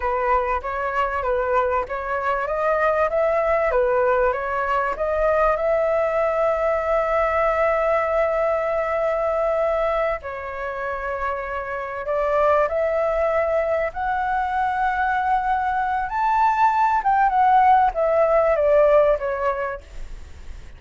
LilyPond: \new Staff \with { instrumentName = "flute" } { \time 4/4 \tempo 4 = 97 b'4 cis''4 b'4 cis''4 | dis''4 e''4 b'4 cis''4 | dis''4 e''2.~ | e''1~ |
e''8 cis''2. d''8~ | d''8 e''2 fis''4.~ | fis''2 a''4. g''8 | fis''4 e''4 d''4 cis''4 | }